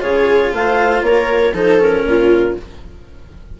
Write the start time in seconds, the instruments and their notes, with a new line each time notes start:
0.00 bassoon C#3, cello F4, viola G#4, clarinet C#5
0.53 bassoon A3, viola C5, clarinet F5
1.02 bassoon A#3, viola A#4, clarinet C#5
1.53 bassoon F3, cello D#4, viola A4, clarinet C5
1.79 cello C#4, clarinet A#4
2.04 bassoon A#2, viola F4